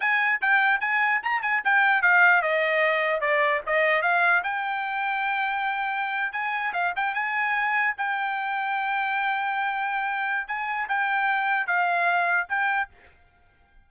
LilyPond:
\new Staff \with { instrumentName = "trumpet" } { \time 4/4 \tempo 4 = 149 gis''4 g''4 gis''4 ais''8 gis''8 | g''4 f''4 dis''2 | d''4 dis''4 f''4 g''4~ | g''2.~ g''8. gis''16~ |
gis''8. f''8 g''8 gis''2 g''16~ | g''1~ | g''2 gis''4 g''4~ | g''4 f''2 g''4 | }